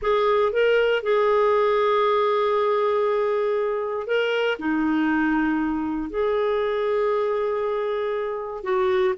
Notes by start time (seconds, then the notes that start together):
0.02 G#4
0.52 A#4
1.02 G#4
4.07 A#4
4.59 D#4
6.10 G#4
8.63 F#4